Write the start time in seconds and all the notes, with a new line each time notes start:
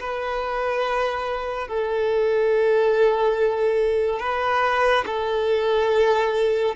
0.00 B4
1.68 A4
4.20 B4
5.06 A4